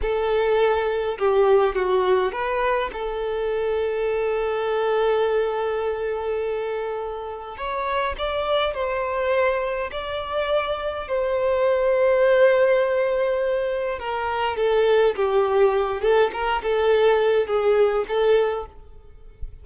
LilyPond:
\new Staff \with { instrumentName = "violin" } { \time 4/4 \tempo 4 = 103 a'2 g'4 fis'4 | b'4 a'2.~ | a'1~ | a'4 cis''4 d''4 c''4~ |
c''4 d''2 c''4~ | c''1 | ais'4 a'4 g'4. a'8 | ais'8 a'4. gis'4 a'4 | }